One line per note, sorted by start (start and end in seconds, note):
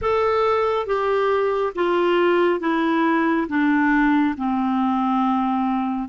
0.01 0.86 A4
0.86 1.73 G4
1.75 2.60 F4
2.60 3.47 E4
3.48 4.35 D4
4.37 6.08 C4